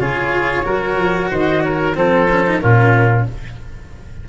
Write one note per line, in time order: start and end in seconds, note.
0.00 0.65 C#3
0.00 0.63 F4
0.00 0.65 G#4
0.00 1.31 C#5
0.63 0.96 F#3
0.63 1.94 F#4
0.63 1.31 A#4
0.96 1.29 F3
1.31 1.96 D#3
1.31 1.63 C5
1.31 1.63 D#5
1.63 1.97 A#4
1.63 1.95 C#5
1.95 2.61 F3
1.95 2.27 C4
1.95 2.62 A4
1.95 2.59 C5
2.31 2.47 C#4
2.47 2.61 D#4
2.59 3.29 A#2
2.59 3.26 C#4
2.59 3.28 F4
2.59 3.24 A#4